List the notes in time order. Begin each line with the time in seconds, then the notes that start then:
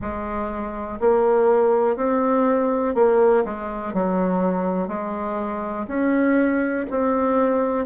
0.01 G#3
1.00 A#3
1.96 C4
2.95 A#3
3.44 G#3
3.93 F#3
4.88 G#3
5.87 C#4
6.90 C4